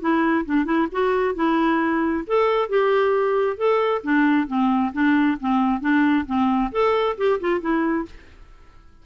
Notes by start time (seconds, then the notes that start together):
0.00 E4
0.45 D4
0.65 E4
0.92 F#4
1.35 E4
2.27 A4
2.69 G4
3.57 A4
4.03 D4
4.47 C4
4.93 D4
5.40 C4
5.80 D4
6.26 C4
6.71 A4
7.17 G4
7.40 F4
7.60 E4